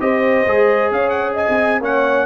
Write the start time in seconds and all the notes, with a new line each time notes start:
0.00 C4 G4 C5 D#5
0.46 G#3 G#4
0.91 C#4 C#5 F5
1.09 F#5
1.34 D#5 G#5
1.49 C4
1.81 A#3 C#4 C#5 F#5